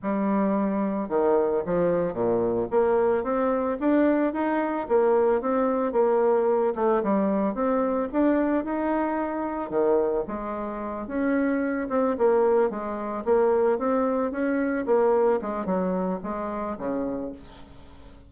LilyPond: \new Staff \with { instrumentName = "bassoon" } { \time 4/4 \tempo 4 = 111 g2 dis4 f4 | ais,4 ais4 c'4 d'4 | dis'4 ais4 c'4 ais4~ | ais8 a8 g4 c'4 d'4 |
dis'2 dis4 gis4~ | gis8 cis'4. c'8 ais4 gis8~ | gis8 ais4 c'4 cis'4 ais8~ | ais8 gis8 fis4 gis4 cis4 | }